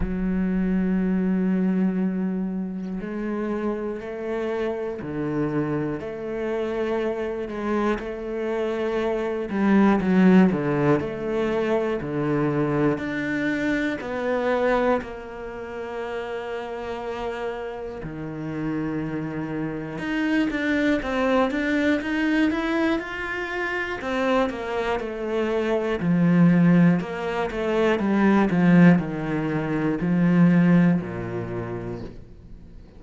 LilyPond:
\new Staff \with { instrumentName = "cello" } { \time 4/4 \tempo 4 = 60 fis2. gis4 | a4 d4 a4. gis8 | a4. g8 fis8 d8 a4 | d4 d'4 b4 ais4~ |
ais2 dis2 | dis'8 d'8 c'8 d'8 dis'8 e'8 f'4 | c'8 ais8 a4 f4 ais8 a8 | g8 f8 dis4 f4 ais,4 | }